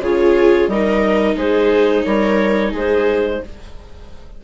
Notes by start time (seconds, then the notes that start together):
0.00 C#3 F4 G#4 C#5
0.67 G3 D#4 A#4 D#5
1.35 G#3 G#4 C5
2.04 G3 A#4 C#5
2.71 G#3 G#4 C5